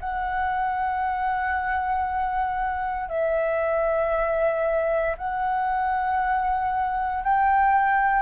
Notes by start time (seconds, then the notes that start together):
0.00 F#5
3.09 E5
5.18 F#5
7.24 G5